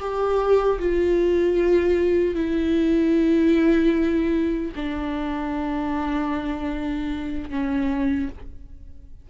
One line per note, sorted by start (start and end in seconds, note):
0.00 0.79 G4
0.80 2.35 F4
2.35 4.72 E4
4.76 7.50 D4
7.50 8.29 C#4